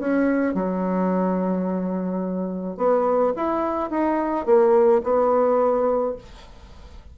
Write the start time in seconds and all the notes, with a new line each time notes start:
0.00 C#4
0.55 F#3
2.78 B3
3.37 E4
3.91 D#4
4.46 A#3
5.04 B3